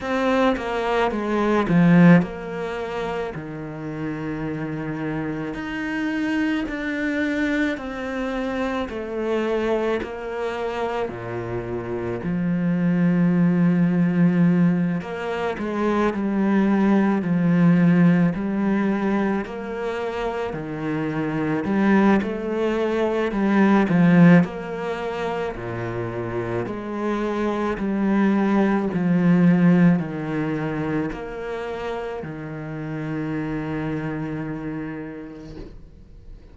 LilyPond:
\new Staff \with { instrumentName = "cello" } { \time 4/4 \tempo 4 = 54 c'8 ais8 gis8 f8 ais4 dis4~ | dis4 dis'4 d'4 c'4 | a4 ais4 ais,4 f4~ | f4. ais8 gis8 g4 f8~ |
f8 g4 ais4 dis4 g8 | a4 g8 f8 ais4 ais,4 | gis4 g4 f4 dis4 | ais4 dis2. | }